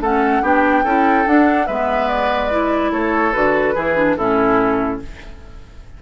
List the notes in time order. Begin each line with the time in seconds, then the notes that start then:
0.00 A3 C#4 A4 F#5
0.42 B3 D4 G4 G5
0.84 C#4 E4 A4
1.25 D4 F#5
1.66 G#3 B3 B4 E5
2.08 D5
2.50 E4
2.91 A3 A4 C#5
3.32 D3 F#4 B4
3.74 E3 E4 G#4
3.96 D4
4.16 A2 C#4 E4 A4